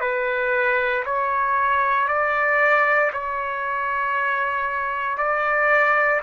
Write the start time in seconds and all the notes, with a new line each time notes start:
0.00 B4
1.05 C#5
2.07 D5
3.12 C#5
5.17 D5